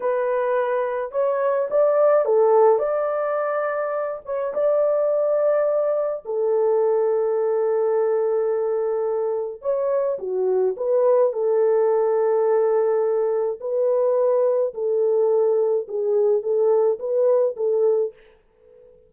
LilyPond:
\new Staff \with { instrumentName = "horn" } { \time 4/4 \tempo 4 = 106 b'2 cis''4 d''4 | a'4 d''2~ d''8 cis''8 | d''2. a'4~ | a'1~ |
a'4 cis''4 fis'4 b'4 | a'1 | b'2 a'2 | gis'4 a'4 b'4 a'4 | }